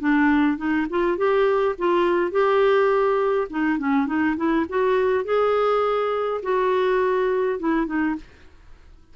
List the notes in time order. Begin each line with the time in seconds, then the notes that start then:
0.00 D4
0.57 D#4
0.90 F4
1.17 G4
1.78 F4
2.31 G4
3.50 D#4
3.79 C#4
4.06 D#4
4.37 E4
4.69 F#4
5.25 G#4
6.43 F#4
7.59 E4
7.86 D#4